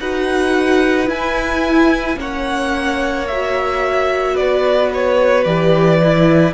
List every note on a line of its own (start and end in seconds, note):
0.00 1.09 D#4
0.00 1.06 F#4
0.00 2.18 B4
0.00 1.09 F#5
1.06 2.15 E4
1.06 2.17 E4
1.06 2.19 G#5
2.16 4.35 A#3
2.16 3.25 C#4
2.16 4.34 C#5
2.16 3.27 F#5
3.27 5.45 F#4
3.27 4.36 E5
4.34 5.45 B3
4.34 6.52 B4
4.34 4.91 D5
4.94 5.44 C#5
5.44 6.53 E3
5.44 6.00 G4
5.44 6.53 D5
6.02 6.53 E4